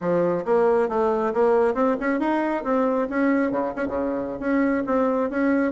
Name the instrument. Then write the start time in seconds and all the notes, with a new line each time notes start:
bassoon
0.00 F3
0.45 A#3
0.88 A3
1.33 A#3
1.74 C4
2.00 C#4
2.19 D#4
2.64 C4
3.09 C#4
3.51 C#3
3.76 C#4
3.87 C#3
4.39 C#4
4.86 C4
5.29 C#4